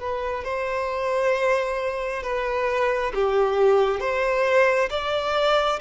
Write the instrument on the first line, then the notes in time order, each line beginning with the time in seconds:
violin
0.00 B4
0.44 C5
2.23 B4
3.15 G4
4.00 C5
4.91 D5